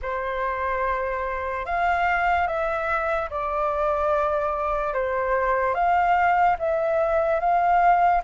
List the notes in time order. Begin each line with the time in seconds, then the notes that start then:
0.01 C5
1.65 F5
2.47 E5
3.30 D5
4.93 C5
5.74 F5
6.58 E5
7.40 F5